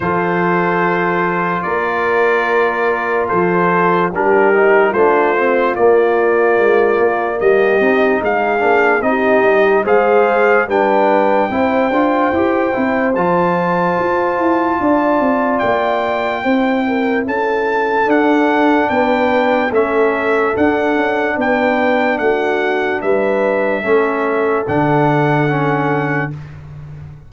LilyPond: <<
  \new Staff \with { instrumentName = "trumpet" } { \time 4/4 \tempo 4 = 73 c''2 d''2 | c''4 ais'4 c''4 d''4~ | d''4 dis''4 f''4 dis''4 | f''4 g''2. |
a''2. g''4~ | g''4 a''4 fis''4 g''4 | e''4 fis''4 g''4 fis''4 | e''2 fis''2 | }
  \new Staff \with { instrumentName = "horn" } { \time 4/4 a'2 ais'2 | a'4 g'4 f'2~ | f'4 g'4 gis'4 g'4 | c''4 b'4 c''2~ |
c''2 d''2 | c''8 ais'8 a'2 b'4 | a'2 b'4 fis'4 | b'4 a'2. | }
  \new Staff \with { instrumentName = "trombone" } { \time 4/4 f'1~ | f'4 d'8 dis'8 d'8 c'8 ais4~ | ais4. dis'4 d'8 dis'4 | gis'4 d'4 e'8 f'8 g'8 e'8 |
f'1 | e'2 d'2 | cis'4 d'2.~ | d'4 cis'4 d'4 cis'4 | }
  \new Staff \with { instrumentName = "tuba" } { \time 4/4 f2 ais2 | f4 g4 a4 ais4 | gis8 ais8 g8 c'8 gis8 ais8 c'8 g8 | gis4 g4 c'8 d'8 e'8 c'8 |
f4 f'8 e'8 d'8 c'8 ais4 | c'4 cis'4 d'4 b4 | a4 d'8 cis'8 b4 a4 | g4 a4 d2 | }
>>